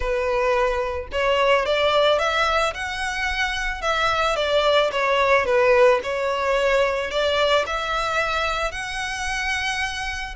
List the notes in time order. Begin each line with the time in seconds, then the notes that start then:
0.00 B4
1.12 C#5
1.65 D5
2.18 E5
2.74 F#5
3.81 E5
4.36 D5
4.91 C#5
5.45 B4
6.03 C#5
7.10 D5
7.66 E5
8.71 F#5